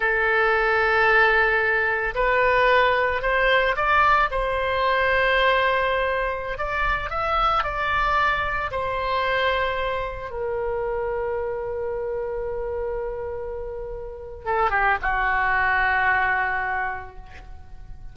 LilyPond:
\new Staff \with { instrumentName = "oboe" } { \time 4/4 \tempo 4 = 112 a'1 | b'2 c''4 d''4 | c''1~ | c''16 d''4 e''4 d''4.~ d''16~ |
d''16 c''2. ais'8.~ | ais'1~ | ais'2. a'8 g'8 | fis'1 | }